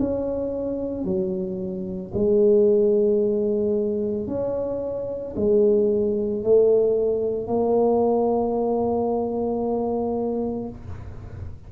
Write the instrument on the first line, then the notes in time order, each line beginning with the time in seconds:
tuba
0.00 C#4
1.05 F#3
2.14 G#3
4.28 C#4
5.36 G#3
6.43 A3
7.48 A#3